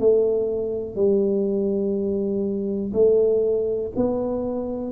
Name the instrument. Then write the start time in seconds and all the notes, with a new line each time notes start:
tuba
0.00 A3
0.96 G3
2.94 A3
3.96 B3